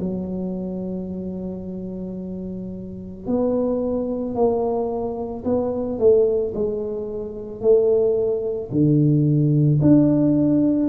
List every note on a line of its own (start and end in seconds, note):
0.00 3.27 F#3
3.27 4.35 B3
4.35 5.44 A#3
5.45 6.00 B3
6.00 6.54 A3
6.55 7.62 G#3
7.62 8.71 A3
8.72 9.81 D3
9.82 10.89 D4